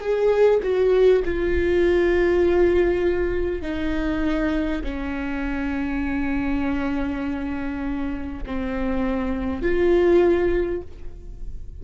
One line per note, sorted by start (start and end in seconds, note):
0.00 0.60 G#4
0.62 1.22 F#4
1.25 3.62 F4
3.62 4.82 D#4
4.83 8.43 C#4
8.46 9.62 C4
9.62 10.82 F4